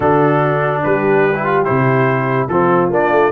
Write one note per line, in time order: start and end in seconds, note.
0.00 0.81 D3
0.00 1.33 D4
0.00 0.81 F#4
0.00 0.83 A4
0.83 1.68 G3
0.83 2.49 G4
0.83 1.64 B4
1.35 1.44 E4
1.44 1.65 F4
1.64 2.48 C3
1.64 2.48 E4
1.64 2.47 C5
2.48 2.89 F3
2.48 2.91 C4
2.48 3.32 F4
2.48 2.90 A4
2.89 3.10 A#3
2.89 3.32 D4
2.89 3.32 D5
3.11 3.31 A3